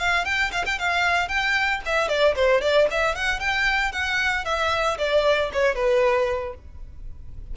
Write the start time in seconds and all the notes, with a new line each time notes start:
0.00 F5
0.25 G5
0.52 F5
0.66 G5
0.79 F5
1.29 G5
1.86 E5
2.09 D5
2.35 C5
2.62 D5
2.91 E5
3.16 F#5
3.40 G5
3.92 F#5
4.45 E5
4.98 D5
5.53 C#5
5.76 B4